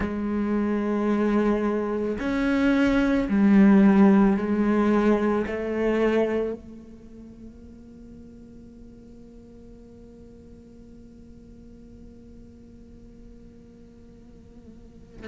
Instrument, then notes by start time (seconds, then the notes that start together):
cello
0.00 G#3
2.19 C#4
3.28 G3
4.36 G#3
5.46 A3
6.53 A#3